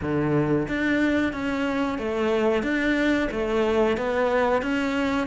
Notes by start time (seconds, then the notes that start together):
0.01 D3
0.67 D4
1.32 C#4
1.98 A3
2.63 D4
3.31 A3
3.97 B3
4.62 C#4